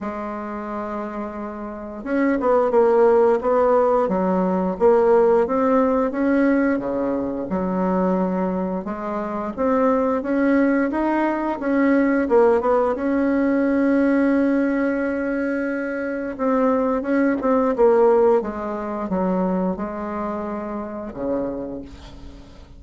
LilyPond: \new Staff \with { instrumentName = "bassoon" } { \time 4/4 \tempo 4 = 88 gis2. cis'8 b8 | ais4 b4 fis4 ais4 | c'4 cis'4 cis4 fis4~ | fis4 gis4 c'4 cis'4 |
dis'4 cis'4 ais8 b8 cis'4~ | cis'1 | c'4 cis'8 c'8 ais4 gis4 | fis4 gis2 cis4 | }